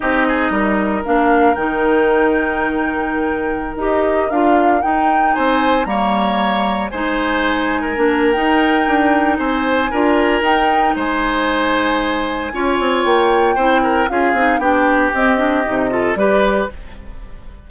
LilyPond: <<
  \new Staff \with { instrumentName = "flute" } { \time 4/4 \tempo 4 = 115 dis''2 f''4 g''4~ | g''2.~ g''16 dis''8.~ | dis''16 f''4 g''4 gis''4 ais''8.~ | ais''4~ ais''16 gis''2~ gis''8. |
g''2 gis''2 | g''4 gis''2.~ | gis''4 g''2 f''4 | g''4 dis''2 d''4 | }
  \new Staff \with { instrumentName = "oboe" } { \time 4/4 g'8 gis'8 ais'2.~ | ais'1~ | ais'2~ ais'16 c''4 cis''8.~ | cis''4~ cis''16 c''4.~ c''16 ais'4~ |
ais'2 c''4 ais'4~ | ais'4 c''2. | cis''2 c''8 ais'8 gis'4 | g'2~ g'8 a'8 b'4 | }
  \new Staff \with { instrumentName = "clarinet" } { \time 4/4 dis'2 d'4 dis'4~ | dis'2.~ dis'16 g'8.~ | g'16 f'4 dis'2 ais8.~ | ais4~ ais16 dis'2 d'8. |
dis'2. f'4 | dis'1 | f'2 e'4 f'8 dis'8 | d'4 c'8 d'8 dis'8 f'8 g'4 | }
  \new Staff \with { instrumentName = "bassoon" } { \time 4/4 c'4 g4 ais4 dis4~ | dis2.~ dis16 dis'8.~ | dis'16 d'4 dis'4 c'4 g8.~ | g4~ g16 gis2 ais8. |
dis'4 d'4 c'4 d'4 | dis'4 gis2. | cis'8 c'8 ais4 c'4 cis'8 c'8 | b4 c'4 c4 g4 | }
>>